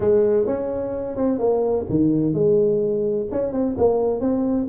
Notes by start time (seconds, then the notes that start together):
0.00 G#3
0.46 C#4
1.16 C4
1.38 A#3
1.89 D#3
2.33 G#3
3.31 C#4
3.52 C4
3.77 A#3
4.20 C4